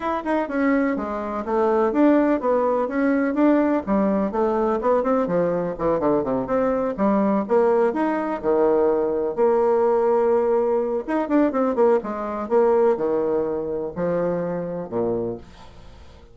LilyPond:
\new Staff \with { instrumentName = "bassoon" } { \time 4/4 \tempo 4 = 125 e'8 dis'8 cis'4 gis4 a4 | d'4 b4 cis'4 d'4 | g4 a4 b8 c'8 f4 | e8 d8 c8 c'4 g4 ais8~ |
ais8 dis'4 dis2 ais8~ | ais2. dis'8 d'8 | c'8 ais8 gis4 ais4 dis4~ | dis4 f2 ais,4 | }